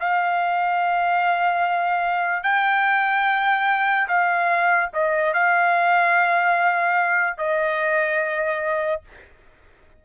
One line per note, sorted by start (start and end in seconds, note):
0.00 2.43 F5
2.43 4.07 G5
4.08 4.90 F5
4.93 5.33 D#5
5.33 7.37 F5
7.37 9.01 D#5